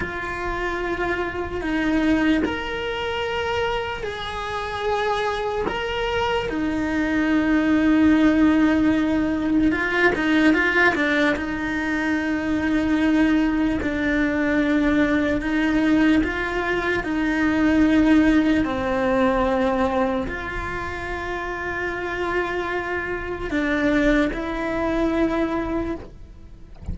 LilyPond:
\new Staff \with { instrumentName = "cello" } { \time 4/4 \tempo 4 = 74 f'2 dis'4 ais'4~ | ais'4 gis'2 ais'4 | dis'1 | f'8 dis'8 f'8 d'8 dis'2~ |
dis'4 d'2 dis'4 | f'4 dis'2 c'4~ | c'4 f'2.~ | f'4 d'4 e'2 | }